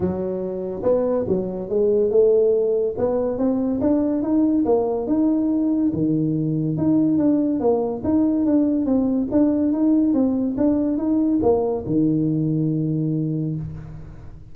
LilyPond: \new Staff \with { instrumentName = "tuba" } { \time 4/4 \tempo 4 = 142 fis2 b4 fis4 | gis4 a2 b4 | c'4 d'4 dis'4 ais4 | dis'2 dis2 |
dis'4 d'4 ais4 dis'4 | d'4 c'4 d'4 dis'4 | c'4 d'4 dis'4 ais4 | dis1 | }